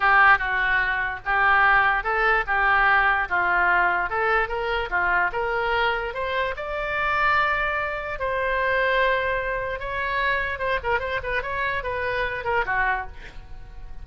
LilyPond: \new Staff \with { instrumentName = "oboe" } { \time 4/4 \tempo 4 = 147 g'4 fis'2 g'4~ | g'4 a'4 g'2 | f'2 a'4 ais'4 | f'4 ais'2 c''4 |
d''1 | c''1 | cis''2 c''8 ais'8 c''8 b'8 | cis''4 b'4. ais'8 fis'4 | }